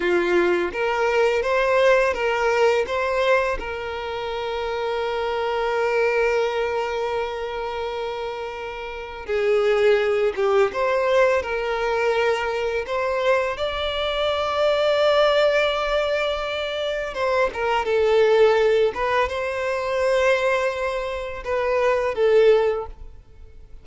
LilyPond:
\new Staff \with { instrumentName = "violin" } { \time 4/4 \tempo 4 = 84 f'4 ais'4 c''4 ais'4 | c''4 ais'2.~ | ais'1~ | ais'4 gis'4. g'8 c''4 |
ais'2 c''4 d''4~ | d''1 | c''8 ais'8 a'4. b'8 c''4~ | c''2 b'4 a'4 | }